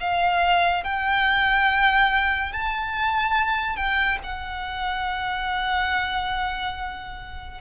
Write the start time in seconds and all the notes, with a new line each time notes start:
0.00 F5
0.83 G5
2.52 A5
3.76 G5
4.23 F#5